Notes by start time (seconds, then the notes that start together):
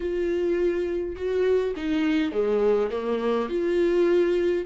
0.00 F4
1.15 F#4
1.76 D#4
2.32 G#3
2.90 A#3
3.49 F4